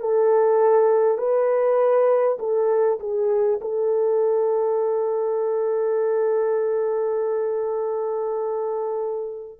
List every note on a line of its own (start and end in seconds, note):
0.00 1.18 A4
1.18 2.38 B4
2.39 2.99 A4
2.99 3.59 G#4
3.61 9.59 A4